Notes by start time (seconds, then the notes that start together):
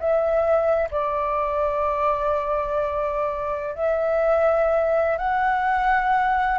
0.00 E5
0.91 D5
3.75 E5
5.18 F#5